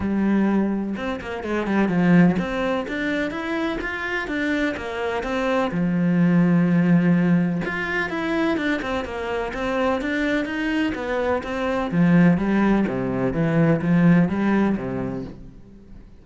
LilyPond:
\new Staff \with { instrumentName = "cello" } { \time 4/4 \tempo 4 = 126 g2 c'8 ais8 gis8 g8 | f4 c'4 d'4 e'4 | f'4 d'4 ais4 c'4 | f1 |
f'4 e'4 d'8 c'8 ais4 | c'4 d'4 dis'4 b4 | c'4 f4 g4 c4 | e4 f4 g4 c4 | }